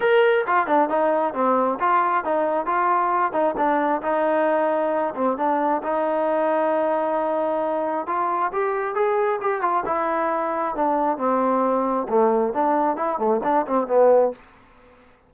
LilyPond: \new Staff \with { instrumentName = "trombone" } { \time 4/4 \tempo 4 = 134 ais'4 f'8 d'8 dis'4 c'4 | f'4 dis'4 f'4. dis'8 | d'4 dis'2~ dis'8 c'8 | d'4 dis'2.~ |
dis'2 f'4 g'4 | gis'4 g'8 f'8 e'2 | d'4 c'2 a4 | d'4 e'8 a8 d'8 c'8 b4 | }